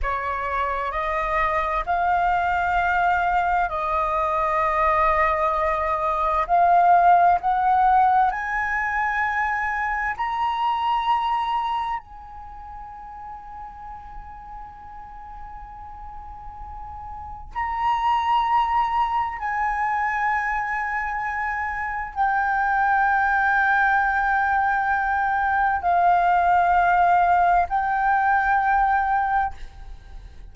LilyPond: \new Staff \with { instrumentName = "flute" } { \time 4/4 \tempo 4 = 65 cis''4 dis''4 f''2 | dis''2. f''4 | fis''4 gis''2 ais''4~ | ais''4 gis''2.~ |
gis''2. ais''4~ | ais''4 gis''2. | g''1 | f''2 g''2 | }